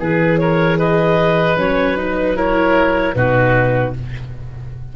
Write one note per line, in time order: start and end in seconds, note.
0.00 1.58 E3
0.00 0.39 G#4
0.00 1.58 G#4
0.00 0.38 B4
0.38 0.79 A#4
0.38 0.78 C#5
0.79 2.36 B4
0.79 1.58 D#5
1.58 3.15 F#3
1.58 1.97 C#4
1.58 1.98 C#5
1.97 2.37 D#4
1.97 2.39 B4
2.36 3.16 E4
2.36 3.15 A#4
2.36 3.14 C#5
3.14 3.95 B2
3.14 3.95 D#4
3.14 3.96 F#4
3.14 3.93 B4